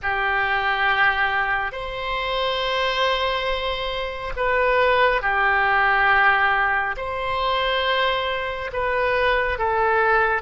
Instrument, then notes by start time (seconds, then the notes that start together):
oboe
0.02 G4
1.72 C5
4.36 B4
5.21 G4
6.96 C5
8.72 B4
9.58 A4